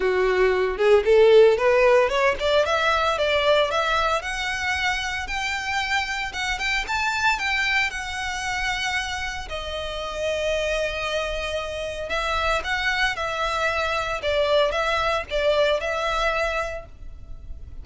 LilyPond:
\new Staff \with { instrumentName = "violin" } { \time 4/4 \tempo 4 = 114 fis'4. gis'8 a'4 b'4 | cis''8 d''8 e''4 d''4 e''4 | fis''2 g''2 | fis''8 g''8 a''4 g''4 fis''4~ |
fis''2 dis''2~ | dis''2. e''4 | fis''4 e''2 d''4 | e''4 d''4 e''2 | }